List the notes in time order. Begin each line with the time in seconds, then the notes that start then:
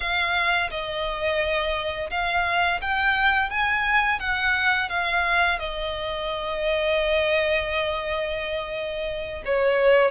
0.00 F5
0.70 D#5
2.10 F5
2.81 G5
3.49 G#5
4.19 F#5
4.89 F5
5.59 D#5
9.45 C#5